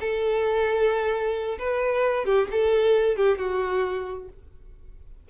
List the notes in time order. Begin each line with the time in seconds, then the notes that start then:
0.00 A4
1.58 B4
2.25 G4
2.51 A4
3.16 G4
3.38 F#4